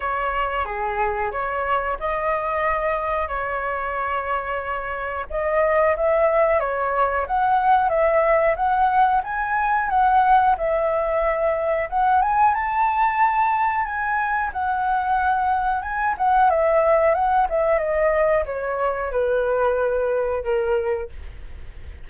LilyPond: \new Staff \with { instrumentName = "flute" } { \time 4/4 \tempo 4 = 91 cis''4 gis'4 cis''4 dis''4~ | dis''4 cis''2. | dis''4 e''4 cis''4 fis''4 | e''4 fis''4 gis''4 fis''4 |
e''2 fis''8 gis''8 a''4~ | a''4 gis''4 fis''2 | gis''8 fis''8 e''4 fis''8 e''8 dis''4 | cis''4 b'2 ais'4 | }